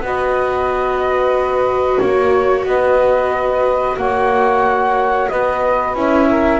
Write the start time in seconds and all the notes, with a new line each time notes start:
0.00 B3 F#4 B4 D#5
1.98 A#3 C#5
2.64 B3 B4 D#5
3.96 A#3 C#5 F#5
5.28 B3 B4 D#5
5.94 C#4 E4 E5
6.28 A#4